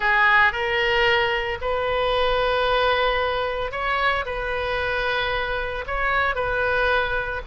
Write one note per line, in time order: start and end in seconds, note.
0.00 0.52 G#4
0.52 1.58 A#4
1.61 3.71 B4
3.71 4.24 C#5
4.25 5.85 B4
5.86 6.35 C#5
6.35 7.41 B4